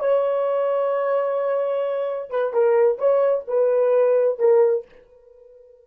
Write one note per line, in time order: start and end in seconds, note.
0.00 2.30 C#5
2.30 2.53 B4
2.54 2.99 A#4
2.99 3.45 C#5
3.48 4.39 B4
4.39 4.85 A#4